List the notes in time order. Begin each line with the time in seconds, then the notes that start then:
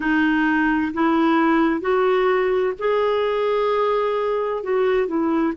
0.00 D#4
0.93 E4
1.80 F#4
2.79 G#4
4.63 F#4
5.07 E4